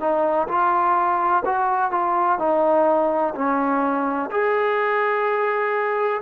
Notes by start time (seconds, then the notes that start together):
0.00 D#4
0.48 F4
1.45 F#4
1.91 F4
2.39 D#4
3.35 C#4
4.31 G#4